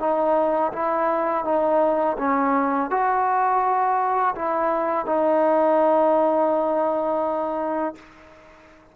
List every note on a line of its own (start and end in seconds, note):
0.00 0.72 D#4
0.73 1.45 E4
1.45 2.17 D#4
2.18 2.90 C#4
2.90 4.35 F#4
4.35 5.06 E4
5.06 7.95 D#4